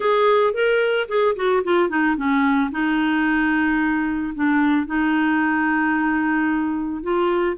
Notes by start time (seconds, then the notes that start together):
0.00 G#4
0.53 A#4
1.08 G#4
1.35 F#4
1.63 F4
1.89 D#4
2.16 C#4
2.71 D#4
4.34 D4
4.86 D#4
7.02 F4